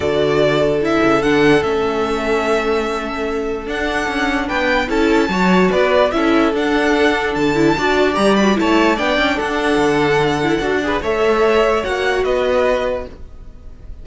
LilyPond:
<<
  \new Staff \with { instrumentName = "violin" } { \time 4/4 \tempo 4 = 147 d''2 e''4 fis''4 | e''1~ | e''4 fis''2 g''4 | a''2 d''4 e''4 |
fis''2 a''2 | ais''8 b''8 a''4 g''4 fis''4~ | fis''2. e''4~ | e''4 fis''4 dis''2 | }
  \new Staff \with { instrumentName = "violin" } { \time 4/4 a'1~ | a'1~ | a'2. b'4 | a'4 cis''4 b'4 a'4~ |
a'2. d''4~ | d''4 cis''4 d''4 a'4~ | a'2~ a'8 b'8 cis''4~ | cis''2 b'2 | }
  \new Staff \with { instrumentName = "viola" } { \time 4/4 fis'2 e'4 d'4 | cis'1~ | cis'4 d'2. | e'4 fis'2 e'4 |
d'2~ d'8 e'8 fis'4 | g'8 fis'8 e'4 d'2~ | d'4. e'8 fis'8 gis'8 a'4~ | a'4 fis'2. | }
  \new Staff \with { instrumentName = "cello" } { \time 4/4 d2~ d8 cis8 d4 | a1~ | a4 d'4 cis'4 b4 | cis'4 fis4 b4 cis'4 |
d'2 d4 d'4 | g4 a4 b8 cis'8 d'4 | d2 d'4 a4~ | a4 ais4 b2 | }
>>